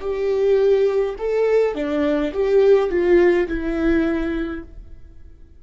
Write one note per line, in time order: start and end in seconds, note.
0.00 1.15 G4
1.19 1.75 A4
1.75 2.32 D4
2.33 2.90 G4
2.90 3.47 F4
3.48 4.63 E4